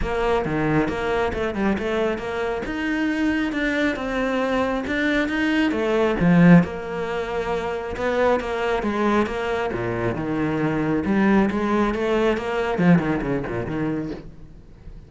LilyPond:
\new Staff \with { instrumentName = "cello" } { \time 4/4 \tempo 4 = 136 ais4 dis4 ais4 a8 g8 | a4 ais4 dis'2 | d'4 c'2 d'4 | dis'4 a4 f4 ais4~ |
ais2 b4 ais4 | gis4 ais4 ais,4 dis4~ | dis4 g4 gis4 a4 | ais4 f8 dis8 cis8 ais,8 dis4 | }